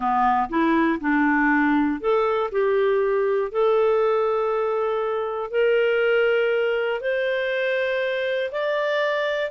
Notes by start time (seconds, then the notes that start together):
0.00 B3
0.49 E4
1.00 D4
2.00 A4
2.51 G4
3.51 A4
5.50 A#4
7.00 C5
8.51 D5